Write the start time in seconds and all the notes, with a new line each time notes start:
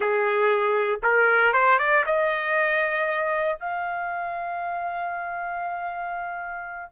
0.00 G#4
1.03 A#4
1.53 C5
1.79 D5
2.05 D#5
3.59 F5